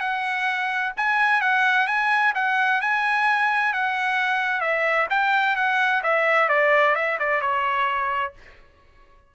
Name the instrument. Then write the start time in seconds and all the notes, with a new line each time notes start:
trumpet
0.00 F#5
0.97 G#5
1.41 F#5
1.87 G#5
2.35 F#5
2.81 G#5
3.73 F#5
4.61 E5
5.10 G5
5.56 F#5
6.03 E5
6.49 D5
6.95 E5
7.19 D5
7.41 C#5